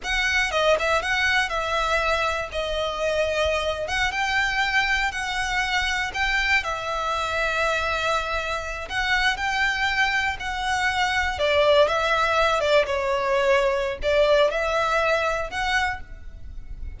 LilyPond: \new Staff \with { instrumentName = "violin" } { \time 4/4 \tempo 4 = 120 fis''4 dis''8 e''8 fis''4 e''4~ | e''4 dis''2~ dis''8. fis''16~ | fis''16 g''2 fis''4.~ fis''16~ | fis''16 g''4 e''2~ e''8.~ |
e''4.~ e''16 fis''4 g''4~ g''16~ | g''8. fis''2 d''4 e''16~ | e''4~ e''16 d''8 cis''2~ cis''16 | d''4 e''2 fis''4 | }